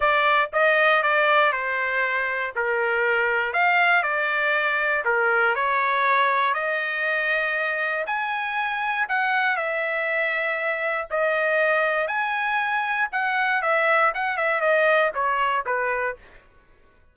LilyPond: \new Staff \with { instrumentName = "trumpet" } { \time 4/4 \tempo 4 = 119 d''4 dis''4 d''4 c''4~ | c''4 ais'2 f''4 | d''2 ais'4 cis''4~ | cis''4 dis''2. |
gis''2 fis''4 e''4~ | e''2 dis''2 | gis''2 fis''4 e''4 | fis''8 e''8 dis''4 cis''4 b'4 | }